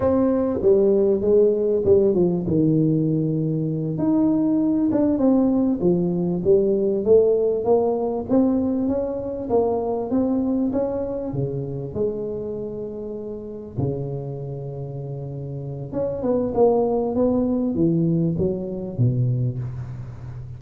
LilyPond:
\new Staff \with { instrumentName = "tuba" } { \time 4/4 \tempo 4 = 98 c'4 g4 gis4 g8 f8 | dis2~ dis8 dis'4. | d'8 c'4 f4 g4 a8~ | a8 ais4 c'4 cis'4 ais8~ |
ais8 c'4 cis'4 cis4 gis8~ | gis2~ gis8 cis4.~ | cis2 cis'8 b8 ais4 | b4 e4 fis4 b,4 | }